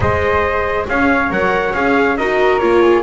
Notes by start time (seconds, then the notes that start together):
0.00 G#3 G#4 C5 D#5
0.88 C#4 C#5 F5
1.30 F#3 A#4 F#5
1.73 C#4 G#4 F5
2.17 D#4 F#4 A#4 D#5
2.58 A#3 F4 C#5
2.81 G#4